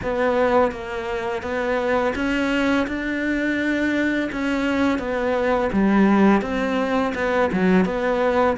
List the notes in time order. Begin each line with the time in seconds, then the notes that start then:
0.02 B3
0.71 A#3
1.42 B3
2.15 C#4
2.87 D4
4.31 C#4
4.98 B3
5.72 G3
6.41 C4
7.14 B3
7.52 F#3
7.85 B3